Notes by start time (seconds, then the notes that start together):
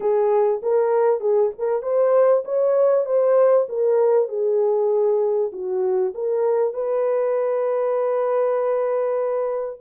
0.00 G#4
0.62 A#4
1.20 G#4
1.58 A#4
1.82 C5
2.44 C#5
3.05 C5
3.68 A#4
4.28 G#4
5.52 F#4
6.14 A#4
6.73 B4